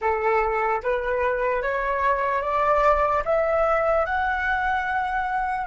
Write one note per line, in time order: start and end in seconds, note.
0.01 0.82 A4
0.82 1.62 B4
1.62 2.42 C#5
2.42 3.23 D5
3.24 4.05 E5
4.05 5.66 F#5